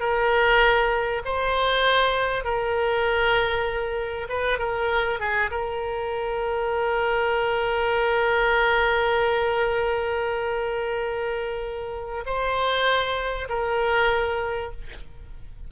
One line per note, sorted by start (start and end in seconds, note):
0.00 1.22 A#4
1.25 2.44 C5
2.44 4.28 A#4
4.29 4.59 B4
4.59 5.20 A#4
5.20 5.50 G#4
5.51 12.24 A#4
12.26 13.48 C5
13.49 14.72 A#4